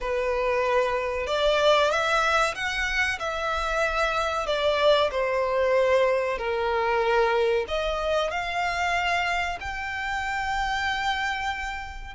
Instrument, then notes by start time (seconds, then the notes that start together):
violin
0.00 B4
1.26 D5
1.90 E5
2.54 F#5
3.19 E5
4.46 D5
5.11 C5
6.37 A#4
7.68 D#5
8.30 F5
9.60 G5